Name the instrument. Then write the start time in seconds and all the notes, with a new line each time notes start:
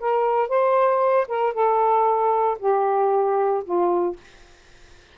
saxophone
0.00 A#4
0.49 C5
1.28 A#4
1.54 A4
2.59 G4
3.65 F4